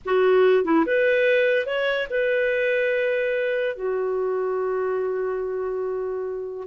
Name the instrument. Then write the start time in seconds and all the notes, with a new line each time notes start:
clarinet
0.05 F#4
0.64 E4
0.85 B4
1.66 C#5
2.10 B4
3.75 F#4